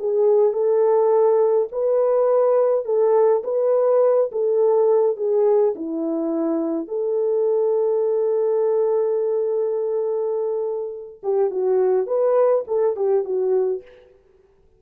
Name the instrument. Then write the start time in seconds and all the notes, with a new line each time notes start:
horn
0.00 G#4
0.53 A4
1.72 B4
2.85 A4
3.44 B4
4.32 A4
5.17 G#4
5.76 E4
6.88 A4
11.23 G4
11.51 F#4
12.07 B4
12.68 A4
12.97 G4
13.25 F#4